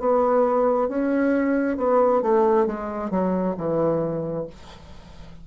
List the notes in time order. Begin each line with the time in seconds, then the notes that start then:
0.00 B3
0.89 C#4
1.78 B3
2.23 A3
2.67 G#3
3.11 F#3
3.58 E3